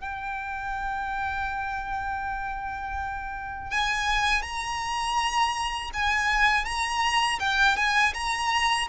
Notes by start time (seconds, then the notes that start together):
0.00 G5
3.70 G#5
4.42 A#5
5.93 G#5
6.65 A#5
7.39 G5
7.76 G#5
8.14 A#5